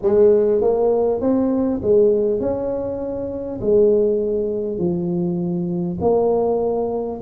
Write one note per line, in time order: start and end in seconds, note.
0.02 0.61 G#3
0.61 1.20 A#3
1.20 1.80 C4
1.82 2.39 G#3
2.39 3.59 C#4
3.61 4.77 G#3
4.77 5.97 F3
6.01 7.21 A#3